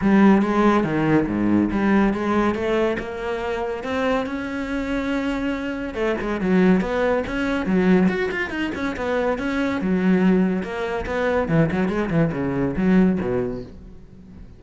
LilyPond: \new Staff \with { instrumentName = "cello" } { \time 4/4 \tempo 4 = 141 g4 gis4 dis4 gis,4 | g4 gis4 a4 ais4~ | ais4 c'4 cis'2~ | cis'2 a8 gis8 fis4 |
b4 cis'4 fis4 fis'8 f'8 | dis'8 cis'8 b4 cis'4 fis4~ | fis4 ais4 b4 e8 fis8 | gis8 e8 cis4 fis4 b,4 | }